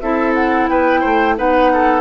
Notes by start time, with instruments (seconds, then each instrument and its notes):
0.00 bassoon C4, clarinet E4, oboe A4, flute E5
0.34 flute F#5
0.69 bassoon B3, oboe B4, flute G5
1.00 bassoon A3, oboe C5
1.37 bassoon B3, clarinet D#4, oboe B4, flute F#5
1.73 oboe A4